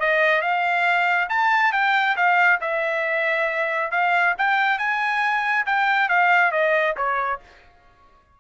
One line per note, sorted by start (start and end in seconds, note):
0.00 0.42 D#5
0.42 1.29 F5
1.29 1.73 A5
1.73 2.16 G5
2.16 2.60 F5
2.61 3.92 E5
3.92 4.35 F5
4.38 4.79 G5
4.79 5.66 G#5
5.66 6.09 G5
6.09 6.52 F5
6.52 6.95 D#5
6.97 7.40 C#5